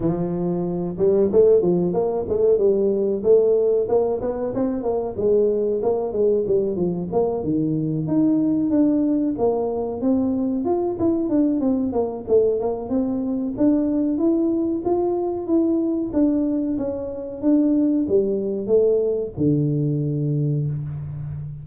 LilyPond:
\new Staff \with { instrumentName = "tuba" } { \time 4/4 \tempo 4 = 93 f4. g8 a8 f8 ais8 a8 | g4 a4 ais8 b8 c'8 ais8 | gis4 ais8 gis8 g8 f8 ais8 dis8~ | dis8 dis'4 d'4 ais4 c'8~ |
c'8 f'8 e'8 d'8 c'8 ais8 a8 ais8 | c'4 d'4 e'4 f'4 | e'4 d'4 cis'4 d'4 | g4 a4 d2 | }